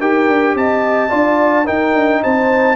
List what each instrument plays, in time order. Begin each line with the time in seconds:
0.00 tuba D#4, trombone G4, horn A#4, trumpet G5
0.28 tuba D4
0.55 tuba C4, horn D#5, trumpet A5
1.10 tuba D4, trombone F4, horn D5
1.65 trombone D#4, tuba D#4, horn A#4, trumpet G5
1.94 tuba D4
2.23 tuba C4, horn C5, trumpet A5